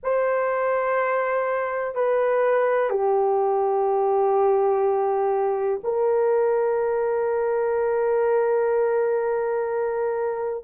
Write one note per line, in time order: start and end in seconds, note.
0.03 1.94 C5
1.94 2.89 B4
2.89 5.80 G4
5.83 10.64 A#4